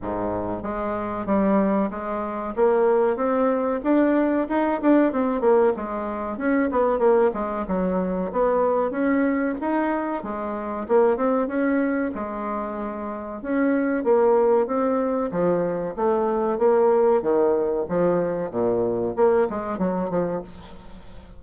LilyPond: \new Staff \with { instrumentName = "bassoon" } { \time 4/4 \tempo 4 = 94 gis,4 gis4 g4 gis4 | ais4 c'4 d'4 dis'8 d'8 | c'8 ais8 gis4 cis'8 b8 ais8 gis8 | fis4 b4 cis'4 dis'4 |
gis4 ais8 c'8 cis'4 gis4~ | gis4 cis'4 ais4 c'4 | f4 a4 ais4 dis4 | f4 ais,4 ais8 gis8 fis8 f8 | }